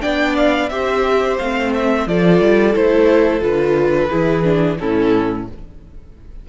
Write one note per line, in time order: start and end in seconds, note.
0.00 0.70 B3
0.00 0.68 D4
0.00 0.70 D5
0.00 0.35 G5
0.37 0.69 F5
0.69 1.38 C4
0.69 1.39 G4
0.69 2.08 C5
0.69 1.37 E5
1.38 2.06 A3
1.38 2.08 C4
1.38 1.72 F5
1.74 2.07 E5
2.06 2.40 F3
2.06 2.73 F4
2.06 4.09 A4
2.06 2.75 D5
2.40 2.74 G3
2.73 3.41 A3
2.73 3.41 E4
2.73 3.43 C5
3.41 4.09 D3
3.41 4.09 F4
3.41 4.78 B4
4.09 4.80 E3
4.09 4.43 E4
4.09 4.78 G#4
4.43 4.77 D4
4.78 5.48 A2
4.78 5.47 C#4
4.78 5.49 E4
4.78 5.46 A4